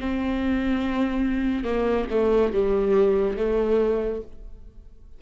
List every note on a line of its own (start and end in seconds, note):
0.00 1.64 C4
1.64 2.06 A#3
2.10 2.52 A3
2.53 3.37 G3
3.37 4.21 A3